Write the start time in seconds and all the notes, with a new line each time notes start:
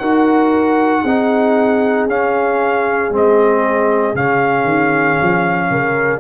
0.00 D#4 F#4 A#4 F#5
1.02 C4 D#4 G#4
2.06 C#4 F5
3.11 G#3 C4 D#5
4.15 C#3 C#4 F5
4.64 D#3
5.22 F3
5.70 C#3 A#4